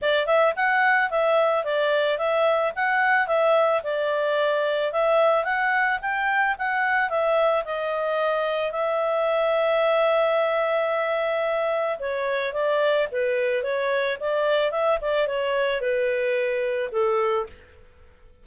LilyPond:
\new Staff \with { instrumentName = "clarinet" } { \time 4/4 \tempo 4 = 110 d''8 e''8 fis''4 e''4 d''4 | e''4 fis''4 e''4 d''4~ | d''4 e''4 fis''4 g''4 | fis''4 e''4 dis''2 |
e''1~ | e''2 cis''4 d''4 | b'4 cis''4 d''4 e''8 d''8 | cis''4 b'2 a'4 | }